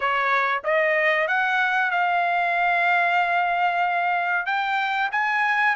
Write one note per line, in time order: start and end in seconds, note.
0.00 0.62 C#5
0.64 1.27 D#5
1.27 1.91 F#5
1.91 4.45 F5
4.45 5.09 G5
5.11 5.75 G#5